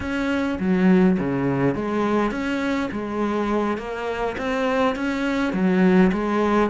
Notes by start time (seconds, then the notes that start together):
0.00 C#4
0.59 F#3
1.19 C#3
1.74 G#3
2.31 C#4
2.91 G#3
3.77 A#3
4.37 C4
4.95 C#4
5.53 F#3
6.12 G#3